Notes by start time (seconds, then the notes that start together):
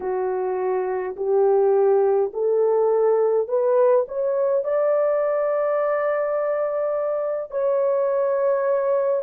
0.00 F#4
1.16 G4
2.33 A4
3.48 B4
4.08 C#5
4.64 D5
7.51 C#5